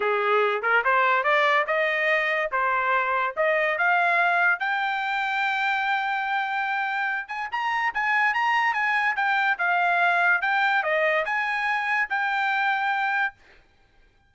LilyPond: \new Staff \with { instrumentName = "trumpet" } { \time 4/4 \tempo 4 = 144 gis'4. ais'8 c''4 d''4 | dis''2 c''2 | dis''4 f''2 g''4~ | g''1~ |
g''4. gis''8 ais''4 gis''4 | ais''4 gis''4 g''4 f''4~ | f''4 g''4 dis''4 gis''4~ | gis''4 g''2. | }